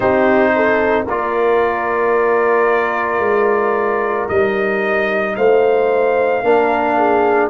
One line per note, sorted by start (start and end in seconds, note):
0.00 1.06 C4
0.00 1.07 D#4
0.00 0.51 G4
0.00 1.05 C5
0.55 1.05 A4
1.05 3.19 A#3
1.05 4.29 F4
1.05 5.33 A#4
1.05 4.28 D5
3.19 4.26 G#3
4.28 5.36 G3
4.28 6.44 D#4
4.28 5.35 D#5
5.35 6.43 A3
5.35 6.44 C5
5.35 7.50 F5
6.43 7.50 A#3
6.43 7.50 D4
6.43 6.97 A#4
6.97 7.50 G#4